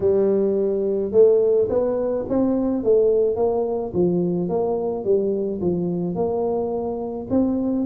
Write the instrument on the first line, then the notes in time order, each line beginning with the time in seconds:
tuba
0.00 G3
1.11 A3
1.69 B3
2.28 C4
2.83 A3
3.36 A#3
3.93 F3
4.49 A#3
5.04 G3
5.60 F3
6.15 A#3
7.30 C4